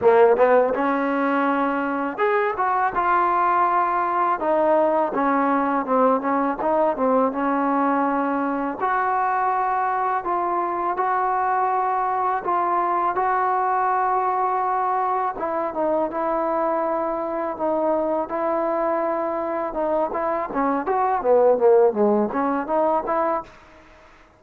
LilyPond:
\new Staff \with { instrumentName = "trombone" } { \time 4/4 \tempo 4 = 82 ais8 b8 cis'2 gis'8 fis'8 | f'2 dis'4 cis'4 | c'8 cis'8 dis'8 c'8 cis'2 | fis'2 f'4 fis'4~ |
fis'4 f'4 fis'2~ | fis'4 e'8 dis'8 e'2 | dis'4 e'2 dis'8 e'8 | cis'8 fis'8 b8 ais8 gis8 cis'8 dis'8 e'8 | }